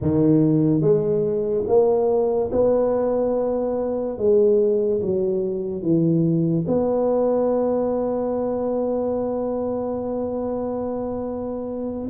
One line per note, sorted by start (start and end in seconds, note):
0.01 0.81 D#3
0.81 1.64 G#3
1.67 2.50 A#3
2.52 4.17 B3
4.17 5.01 G#3
5.01 5.81 F#3
5.81 6.65 E3
6.67 12.08 B3